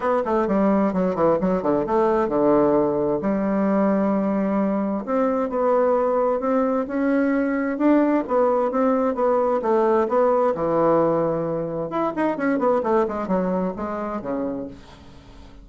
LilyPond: \new Staff \with { instrumentName = "bassoon" } { \time 4/4 \tempo 4 = 131 b8 a8 g4 fis8 e8 fis8 d8 | a4 d2 g4~ | g2. c'4 | b2 c'4 cis'4~ |
cis'4 d'4 b4 c'4 | b4 a4 b4 e4~ | e2 e'8 dis'8 cis'8 b8 | a8 gis8 fis4 gis4 cis4 | }